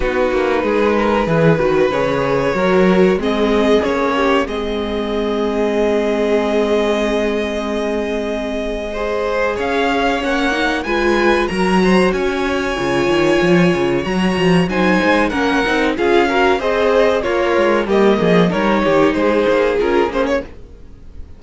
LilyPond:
<<
  \new Staff \with { instrumentName = "violin" } { \time 4/4 \tempo 4 = 94 b'2. cis''4~ | cis''4 dis''4 cis''4 dis''4~ | dis''1~ | dis''2. f''4 |
fis''4 gis''4 ais''4 gis''4~ | gis''2 ais''4 gis''4 | fis''4 f''4 dis''4 cis''4 | dis''4 cis''4 c''4 ais'8 c''16 cis''16 | }
  \new Staff \with { instrumentName = "violin" } { \time 4/4 fis'4 gis'8 ais'8 b'2 | ais'4 gis'4. g'8 gis'4~ | gis'1~ | gis'2 c''4 cis''4~ |
cis''4 b'4 ais'8 c''8 cis''4~ | cis''2. c''4 | ais'4 gis'8 ais'8 c''4 f'4 | g'8 gis'8 ais'8 g'8 gis'2 | }
  \new Staff \with { instrumentName = "viola" } { \time 4/4 dis'2 gis'8 fis'8 gis'4 | fis'4 c'4 cis'4 c'4~ | c'1~ | c'2 gis'2 |
cis'8 dis'8 f'4 fis'2 | f'2 fis'4 dis'4 | cis'8 dis'8 f'8 fis'8 gis'4 ais'4 | ais4 dis'2 f'8 cis'8 | }
  \new Staff \with { instrumentName = "cello" } { \time 4/4 b8 ais8 gis4 e8 dis8 cis4 | fis4 gis4 ais4 gis4~ | gis1~ | gis2. cis'4 |
ais4 gis4 fis4 cis'4 | cis8 dis8 f8 cis8 fis8 f8 fis8 gis8 | ais8 c'8 cis'4 c'4 ais8 gis8 | g8 f8 g8 dis8 gis8 ais8 cis'8 ais8 | }
>>